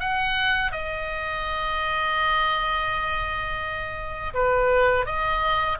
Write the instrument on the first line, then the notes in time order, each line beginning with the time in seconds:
oboe
0.00 F#5
0.72 D#5
4.34 B4
5.06 D#5